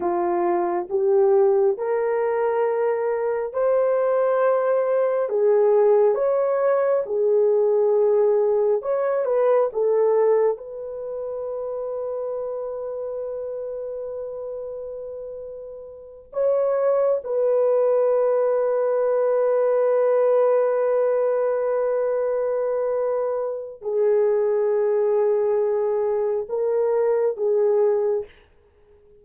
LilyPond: \new Staff \with { instrumentName = "horn" } { \time 4/4 \tempo 4 = 68 f'4 g'4 ais'2 | c''2 gis'4 cis''4 | gis'2 cis''8 b'8 a'4 | b'1~ |
b'2~ b'8 cis''4 b'8~ | b'1~ | b'2. gis'4~ | gis'2 ais'4 gis'4 | }